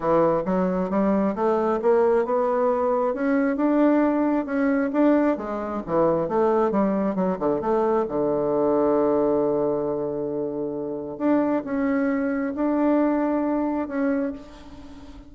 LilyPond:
\new Staff \with { instrumentName = "bassoon" } { \time 4/4 \tempo 4 = 134 e4 fis4 g4 a4 | ais4 b2 cis'4 | d'2 cis'4 d'4 | gis4 e4 a4 g4 |
fis8 d8 a4 d2~ | d1~ | d4 d'4 cis'2 | d'2. cis'4 | }